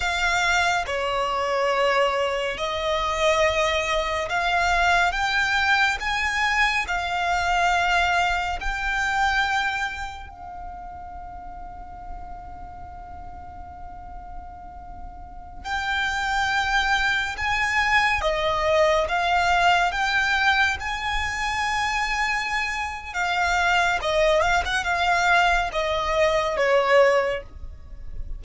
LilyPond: \new Staff \with { instrumentName = "violin" } { \time 4/4 \tempo 4 = 70 f''4 cis''2 dis''4~ | dis''4 f''4 g''4 gis''4 | f''2 g''2 | f''1~ |
f''2~ f''16 g''4.~ g''16~ | g''16 gis''4 dis''4 f''4 g''8.~ | g''16 gis''2~ gis''8. f''4 | dis''8 f''16 fis''16 f''4 dis''4 cis''4 | }